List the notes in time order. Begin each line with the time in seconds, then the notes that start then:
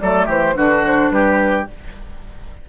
0.00 F#3 A3 A4 D5
0.26 E3 G4 C5
0.54 D3 D4 F#4 B4
0.86 C5
1.11 G3 G4 B4